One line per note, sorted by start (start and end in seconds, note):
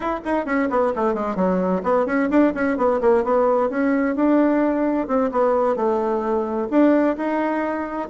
0.00 0.20 E4
0.24 0.45 D#4
0.45 0.68 C#4
0.69 0.93 B3
0.95 1.13 A3
1.13 1.35 G#3
1.35 1.81 F#3
1.83 2.06 B3
2.06 2.29 C#4
2.30 2.53 D4
2.54 2.77 C#4
2.77 3.00 B3
3.00 3.23 A#3
3.23 3.69 B3
3.69 4.15 C#4
4.15 5.07 D4
5.07 5.30 C4
5.31 5.76 B3
5.76 6.68 A3
6.70 7.16 D4
7.16 8.09 D#4